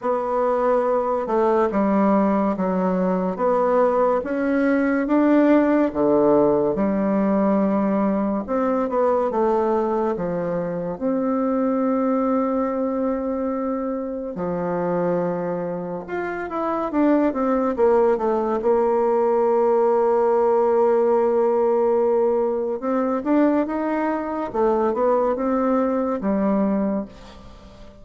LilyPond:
\new Staff \with { instrumentName = "bassoon" } { \time 4/4 \tempo 4 = 71 b4. a8 g4 fis4 | b4 cis'4 d'4 d4 | g2 c'8 b8 a4 | f4 c'2.~ |
c'4 f2 f'8 e'8 | d'8 c'8 ais8 a8 ais2~ | ais2. c'8 d'8 | dis'4 a8 b8 c'4 g4 | }